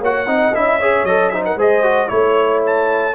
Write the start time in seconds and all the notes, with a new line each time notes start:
0.00 A#3 F#4 C#5 F#5
0.26 C4 D#4 D#5
0.54 C#4 E4 E5
0.79 G#4 C#5
1.03 F#3 A4 D#5
1.29 D#4 C5 E5
1.45 A#4 F#5
1.56 G#3 G#4 C5 D#5
1.83 F#4
2.07 A3 E4 C#5
2.66 A5